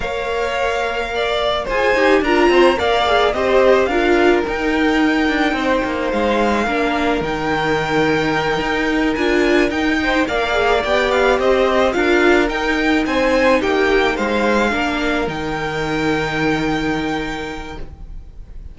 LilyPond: <<
  \new Staff \with { instrumentName = "violin" } { \time 4/4 \tempo 4 = 108 f''2. gis''4 | ais''4 f''4 dis''4 f''4 | g''2. f''4~ | f''4 g''2.~ |
g''8 gis''4 g''4 f''4 g''8 | f''8 dis''4 f''4 g''4 gis''8~ | gis''8 g''4 f''2 g''8~ | g''1 | }
  \new Staff \with { instrumentName = "violin" } { \time 4/4 cis''2 d''4 c''4 | ais'8 c''8 d''4 c''4 ais'4~ | ais'2 c''2 | ais'1~ |
ais'2 c''8 d''4.~ | d''8 c''4 ais'2 c''8~ | c''8 g'4 c''4 ais'4.~ | ais'1 | }
  \new Staff \with { instrumentName = "viola" } { \time 4/4 ais'2. gis'8 g'8 | f'4 ais'8 gis'8 g'4 f'4 | dis'1 | d'4 dis'2.~ |
dis'8 f'4 dis'4 ais'8 gis'8 g'8~ | g'4. f'4 dis'4.~ | dis'2~ dis'8 d'4 dis'8~ | dis'1 | }
  \new Staff \with { instrumentName = "cello" } { \time 4/4 ais2. f'8 dis'8 | d'8 c'8 ais4 c'4 d'4 | dis'4. d'8 c'8 ais8 gis4 | ais4 dis2~ dis8 dis'8~ |
dis'8 d'4 dis'4 ais4 b8~ | b8 c'4 d'4 dis'4 c'8~ | c'8 ais4 gis4 ais4 dis8~ | dis1 | }
>>